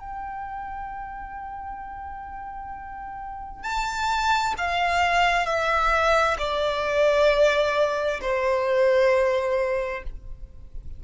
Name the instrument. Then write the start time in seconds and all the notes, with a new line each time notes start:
violin
0.00 G5
3.63 A5
4.58 F5
5.46 E5
6.38 D5
8.21 C5